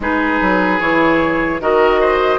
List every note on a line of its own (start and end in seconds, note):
0.00 0.40 G#3
0.00 0.80 D#4
0.00 1.61 G#4
0.00 0.80 B4
0.41 0.80 F#3
0.80 1.60 E3
0.80 1.60 E4
0.80 1.60 C#5
1.60 2.39 D#3
1.60 2.39 F#4
1.60 2.00 A#4
1.60 2.39 D#5
2.00 2.39 C5